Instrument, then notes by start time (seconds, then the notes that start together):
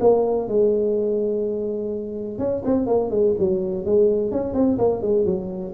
tuba
0.00 A#3
0.48 G#3
2.38 C#4
2.65 C4
2.86 A#3
3.10 G#3
3.39 F#3
3.85 G#3
4.31 C#4
4.54 C4
4.78 A#3
5.02 G#3
5.25 F#3